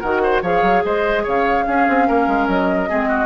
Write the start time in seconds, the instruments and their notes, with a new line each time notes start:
0.00 bassoon D#3, clarinet F#4, oboe A#4, flute F#5
0.23 oboe C5
0.42 bassoon F3, clarinet G#4, oboe C#5, flute F5
0.62 bassoon F#3
0.85 bassoon G#3, oboe C5, flute D#5
1.23 bassoon C#3, oboe C#5, flute F5
1.66 clarinet C#4, bassoon C#4, oboe G#4
1.88 bassoon C4
2.07 bassoon A#3, oboe A#4
2.27 bassoon G#3
2.48 bassoon F#3, flute D#5
2.88 bassoon G#3, clarinet C4, oboe G#4
3.09 oboe F#4